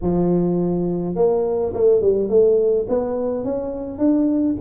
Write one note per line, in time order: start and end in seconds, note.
0.01 1.15 F3
1.15 1.72 A#3
1.73 2.01 A3
2.01 2.29 G3
2.29 2.86 A3
2.88 3.44 B3
3.44 3.98 C#4
3.98 4.55 D4